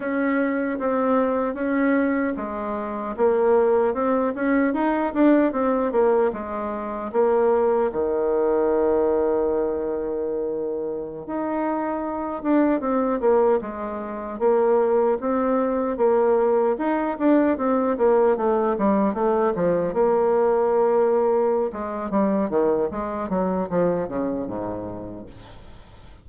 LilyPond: \new Staff \with { instrumentName = "bassoon" } { \time 4/4 \tempo 4 = 76 cis'4 c'4 cis'4 gis4 | ais4 c'8 cis'8 dis'8 d'8 c'8 ais8 | gis4 ais4 dis2~ | dis2~ dis16 dis'4. d'16~ |
d'16 c'8 ais8 gis4 ais4 c'8.~ | c'16 ais4 dis'8 d'8 c'8 ais8 a8 g16~ | g16 a8 f8 ais2~ ais16 gis8 | g8 dis8 gis8 fis8 f8 cis8 gis,4 | }